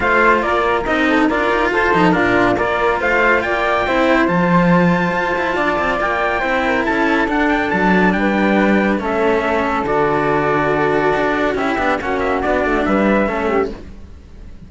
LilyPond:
<<
  \new Staff \with { instrumentName = "trumpet" } { \time 4/4 \tempo 4 = 140 f''4 d''4 dis''4 d''4 | c''4 ais'4 d''4 f''4 | g''2 a''2~ | a''2 g''2 |
a''4 fis''8 g''8 a''4 g''4~ | g''4 e''2 d''4~ | d''2. e''4 | fis''8 e''8 d''4 e''2 | }
  \new Staff \with { instrumentName = "flute" } { \time 4/4 c''4 ais'4. a'8 ais'4 | a'4 f'4 ais'4 c''4 | d''4 c''2.~ | c''4 d''2 c''8 ais'8 |
a'2. b'4~ | b'4 a'2.~ | a'2. g'4 | fis'2 b'4 a'8 g'8 | }
  \new Staff \with { instrumentName = "cello" } { \time 4/4 f'2 dis'4 f'4~ | f'8 dis'8 d'4 f'2~ | f'4 e'4 f'2~ | f'2. e'4~ |
e'4 d'2.~ | d'4 cis'2 fis'4~ | fis'2. e'8 d'8 | cis'4 d'2 cis'4 | }
  \new Staff \with { instrumentName = "cello" } { \time 4/4 a4 ais4 c'4 d'8 dis'8 | f'8 f8 ais,4 ais4 a4 | ais4 c'4 f2 | f'8 e'8 d'8 c'8 ais4 c'4 |
cis'4 d'4 fis4 g4~ | g4 a2 d4~ | d2 d'4 cis'8 b8 | ais4 b8 a8 g4 a4 | }
>>